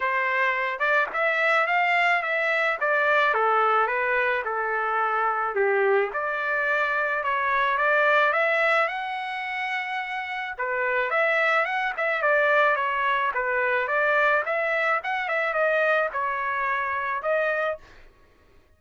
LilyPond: \new Staff \with { instrumentName = "trumpet" } { \time 4/4 \tempo 4 = 108 c''4. d''8 e''4 f''4 | e''4 d''4 a'4 b'4 | a'2 g'4 d''4~ | d''4 cis''4 d''4 e''4 |
fis''2. b'4 | e''4 fis''8 e''8 d''4 cis''4 | b'4 d''4 e''4 fis''8 e''8 | dis''4 cis''2 dis''4 | }